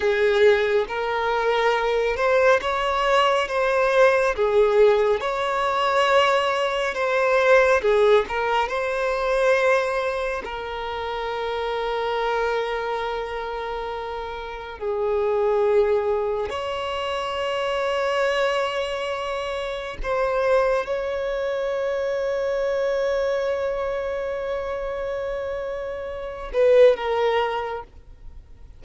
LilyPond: \new Staff \with { instrumentName = "violin" } { \time 4/4 \tempo 4 = 69 gis'4 ais'4. c''8 cis''4 | c''4 gis'4 cis''2 | c''4 gis'8 ais'8 c''2 | ais'1~ |
ais'4 gis'2 cis''4~ | cis''2. c''4 | cis''1~ | cis''2~ cis''8 b'8 ais'4 | }